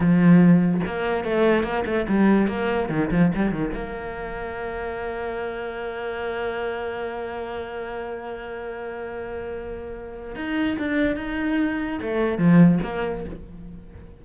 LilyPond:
\new Staff \with { instrumentName = "cello" } { \time 4/4 \tempo 4 = 145 f2 ais4 a4 | ais8 a8 g4 ais4 dis8 f8 | g8 dis8 ais2.~ | ais1~ |
ais1~ | ais1~ | ais4 dis'4 d'4 dis'4~ | dis'4 a4 f4 ais4 | }